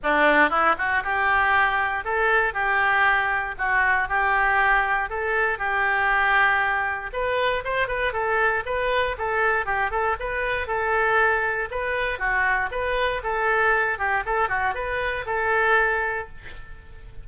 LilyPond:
\new Staff \with { instrumentName = "oboe" } { \time 4/4 \tempo 4 = 118 d'4 e'8 fis'8 g'2 | a'4 g'2 fis'4 | g'2 a'4 g'4~ | g'2 b'4 c''8 b'8 |
a'4 b'4 a'4 g'8 a'8 | b'4 a'2 b'4 | fis'4 b'4 a'4. g'8 | a'8 fis'8 b'4 a'2 | }